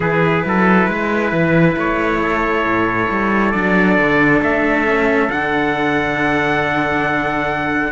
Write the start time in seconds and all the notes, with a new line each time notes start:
0.00 E3 E4 G#4 B4
0.45 F#3 A4
0.87 G#3 B4
1.31 E3
1.76 A3 C#5
2.22 A4
2.65 A2
3.09 G3
3.51 F#3 D4 D5
3.98 D3
4.41 A3 E5
4.85 C#4
5.28 D3 D4 F#5